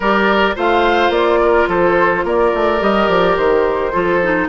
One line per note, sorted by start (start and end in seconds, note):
0.00 0.54 G3
0.00 0.55 G4
0.00 0.55 A#4
0.00 0.56 D5
0.55 1.09 A3
0.55 2.80 F4
0.55 1.39 C5
0.55 1.11 F5
1.09 1.65 A#3
1.09 1.67 D5
1.42 1.68 A#4
1.67 2.23 F3
1.67 2.24 A4
1.67 2.26 C5
2.24 2.52 A#3
2.24 3.92 A#4
2.24 2.83 D5
2.54 2.81 A3
2.80 3.08 G3
2.80 3.92 G4
2.80 3.08 D#5
3.08 3.36 F3
3.08 3.36 D5
3.36 3.93 D#3
3.36 4.48 C5
3.92 4.48 F3
3.92 4.21 F4
3.92 4.48 A4
4.22 4.48 D#4